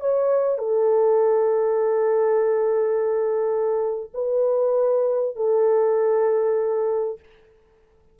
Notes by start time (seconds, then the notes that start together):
0.00 C#5
0.58 A4
4.14 B4
5.36 A4